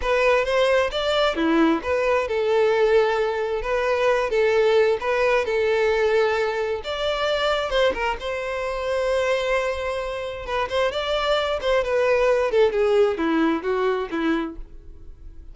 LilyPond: \new Staff \with { instrumentName = "violin" } { \time 4/4 \tempo 4 = 132 b'4 c''4 d''4 e'4 | b'4 a'2. | b'4. a'4. b'4 | a'2. d''4~ |
d''4 c''8 ais'8 c''2~ | c''2. b'8 c''8 | d''4. c''8 b'4. a'8 | gis'4 e'4 fis'4 e'4 | }